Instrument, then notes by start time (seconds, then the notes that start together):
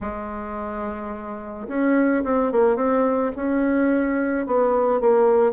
bassoon
0.00 G#3
1.67 C#4
2.24 C4
2.52 A#3
2.76 C4
3.36 C#4
4.46 B3
5.00 A#3